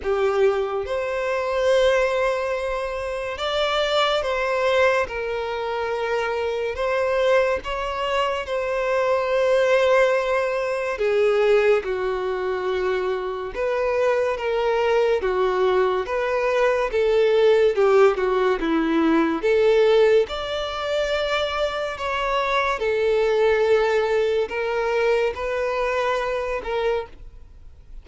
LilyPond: \new Staff \with { instrumentName = "violin" } { \time 4/4 \tempo 4 = 71 g'4 c''2. | d''4 c''4 ais'2 | c''4 cis''4 c''2~ | c''4 gis'4 fis'2 |
b'4 ais'4 fis'4 b'4 | a'4 g'8 fis'8 e'4 a'4 | d''2 cis''4 a'4~ | a'4 ais'4 b'4. ais'8 | }